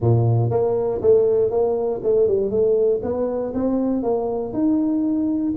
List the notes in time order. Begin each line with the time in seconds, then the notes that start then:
0.00 A#2
0.50 A#3
1.01 A3
1.50 A#3
2.03 A3
2.27 G3
2.50 A3
3.03 B3
3.53 C4
4.02 A#3
4.53 D#4